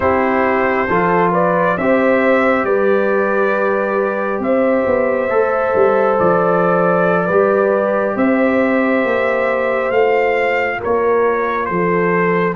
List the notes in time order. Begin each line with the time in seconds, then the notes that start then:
0.00 C4 E4 G4 C5
0.88 F3 F4 A4
1.31 B4 D5
1.77 C4 G4 C5 E5
2.64 G3 B4 D5
4.39 C4 E5
4.45 C5
4.85 B3
5.29 A3 A4
5.74 G3
6.18 F3 D5
7.25 G3 G4 B4
8.15 C4 C5 E5
9.04 A#3
9.90 A3 F4 F5
10.79 A#3 A#4 C#5
11.65 F3 A4 C5